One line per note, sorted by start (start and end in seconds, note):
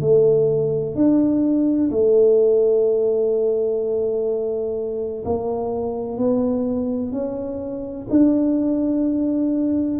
0.00 0.95 A3
0.95 1.90 D4
1.90 5.24 A3
5.25 6.17 A#3
6.17 7.12 B3
7.12 8.07 C#4
8.10 10.00 D4